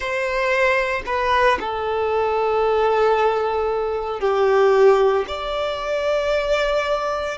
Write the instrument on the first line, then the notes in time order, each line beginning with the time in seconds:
violin
0.00 C5
1.05 B4
1.59 A4
4.20 G4
5.27 D5